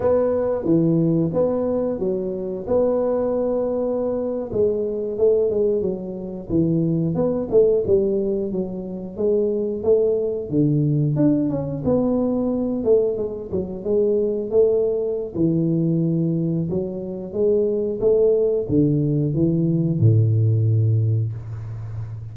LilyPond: \new Staff \with { instrumentName = "tuba" } { \time 4/4 \tempo 4 = 90 b4 e4 b4 fis4 | b2~ b8. gis4 a16~ | a16 gis8 fis4 e4 b8 a8 g16~ | g8. fis4 gis4 a4 d16~ |
d8. d'8 cis'8 b4. a8 gis16~ | gis16 fis8 gis4 a4~ a16 e4~ | e4 fis4 gis4 a4 | d4 e4 a,2 | }